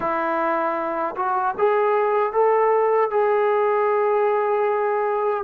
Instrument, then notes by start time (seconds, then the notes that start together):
trombone
0.00 E4
1.15 F#4
1.58 G#4
2.32 A4
3.10 G#4